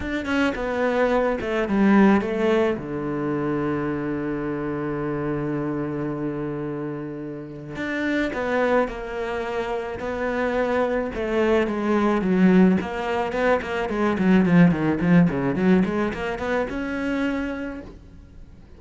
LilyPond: \new Staff \with { instrumentName = "cello" } { \time 4/4 \tempo 4 = 108 d'8 cis'8 b4. a8 g4 | a4 d2.~ | d1~ | d2 d'4 b4 |
ais2 b2 | a4 gis4 fis4 ais4 | b8 ais8 gis8 fis8 f8 dis8 f8 cis8 | fis8 gis8 ais8 b8 cis'2 | }